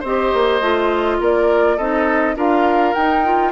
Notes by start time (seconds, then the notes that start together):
0.00 C4 G4 C5 D#5
0.33 A#3
0.60 A3 F4
1.20 A#3 A#4 D5
1.77 C4 D#4 A4 D#5
2.36 D4 F4 A#4 F5
2.93 D#4 G5
3.24 F4